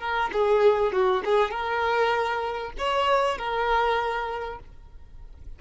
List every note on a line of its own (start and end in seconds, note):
0.00 0.30 A#4
0.33 0.93 G#4
0.93 1.23 F#4
1.25 1.51 G#4
1.51 2.72 A#4
2.78 3.38 C#5
3.38 4.59 A#4